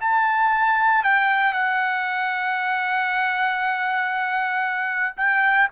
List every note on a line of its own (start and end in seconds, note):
0.00 1.03 A5
1.03 1.53 G5
1.53 5.15 F#5
5.16 5.68 G5